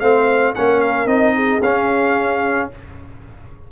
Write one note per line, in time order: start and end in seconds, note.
0.00 0.55 A3
0.00 0.55 C4
0.00 0.55 C5
0.00 0.54 F5
0.55 1.06 A#3
0.55 1.07 C#4
0.55 1.35 A#4
0.55 0.81 F#5
0.81 1.08 F5
1.06 1.60 C4
1.06 1.61 D#4
1.06 1.61 D#5
1.35 2.69 G#4
1.62 2.69 C#4
1.62 2.72 C#4
1.62 2.70 F5